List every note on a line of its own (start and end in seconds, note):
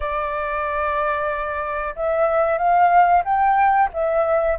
0.00 1.94 D5
1.95 2.58 E5
2.58 3.23 F5
3.24 3.89 G5
3.93 4.58 E5